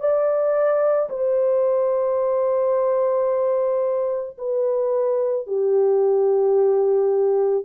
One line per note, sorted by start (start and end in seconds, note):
0.00 1.09 D5
1.10 4.37 C5
4.38 5.47 B4
5.47 7.65 G4